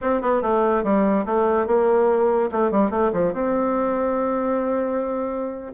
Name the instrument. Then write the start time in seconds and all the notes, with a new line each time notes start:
bassoon
0.01 C4
0.21 B3
0.42 A3
0.83 G3
1.25 A3
1.66 A#3
2.51 A3
2.71 G3
2.90 A3
3.12 F3
3.33 C4